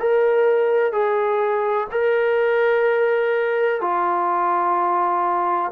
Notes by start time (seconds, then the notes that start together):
0.00 A#4
0.93 G#4
1.91 A#4
3.81 F4